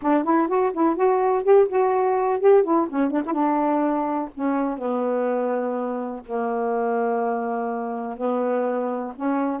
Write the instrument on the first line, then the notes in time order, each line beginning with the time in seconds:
saxophone
0.01 D4
0.24 E4
0.48 F#4
0.73 E4
0.95 F#4
1.43 G4
1.68 F#4
2.40 G4
2.63 E4
2.89 C#4
3.10 D4
3.26 E4
3.33 D4
4.34 C#4
4.78 B3
6.26 A#3
8.17 B3
9.15 C#4